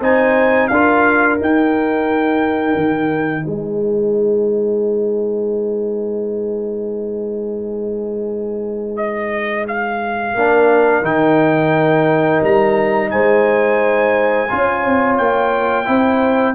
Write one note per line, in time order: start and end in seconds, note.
0.00 0.69 C4
0.00 0.71 D#4
0.00 0.70 C5
0.00 0.68 G#5
0.68 1.39 D4
0.68 1.39 F4
0.68 3.44 A#4
0.68 1.37 F5
1.39 10.35 D#4
1.39 2.75 D#4
1.39 3.46 G5
2.75 3.44 D#3
3.44 10.34 G#3
3.44 10.34 B4
3.44 8.96 G#5
8.96 9.65 D#5
9.68 11.05 F5
10.34 11.02 A#3
10.34 11.03 D4
10.34 13.11 A#4
11.02 12.40 D#3
11.02 14.48 D#4
11.02 12.43 G5
12.43 13.12 G3
12.43 13.11 A#5
13.11 14.50 G#3
13.11 14.49 C5
13.11 15.17 G#5
14.49 14.85 C#4
14.49 15.85 F4
14.49 15.88 C#5
14.85 15.19 C4
15.17 15.88 A#3
15.17 16.55 G5
15.85 16.55 C4
15.85 16.54 E4
15.85 16.55 C5